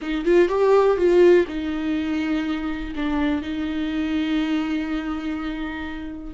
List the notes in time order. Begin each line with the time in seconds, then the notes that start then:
0.01 D#4
0.24 F4
0.48 G4
0.97 F4
1.47 D#4
2.95 D4
3.41 D#4